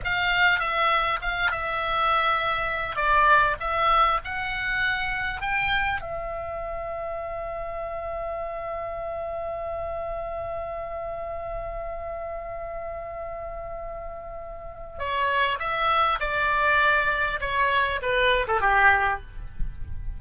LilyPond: \new Staff \with { instrumentName = "oboe" } { \time 4/4 \tempo 4 = 100 f''4 e''4 f''8 e''4.~ | e''4 d''4 e''4 fis''4~ | fis''4 g''4 e''2~ | e''1~ |
e''1~ | e''1~ | e''4 cis''4 e''4 d''4~ | d''4 cis''4 b'8. a'16 g'4 | }